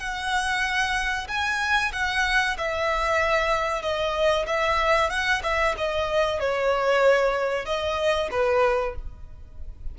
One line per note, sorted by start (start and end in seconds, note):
0.00 1.28 F#5
1.28 1.92 G#5
1.93 2.57 F#5
2.58 3.82 E5
3.82 4.46 D#5
4.47 5.10 E5
5.10 5.42 F#5
5.43 5.75 E5
5.78 6.40 D#5
6.40 7.66 C#5
7.66 8.29 D#5
8.31 8.95 B4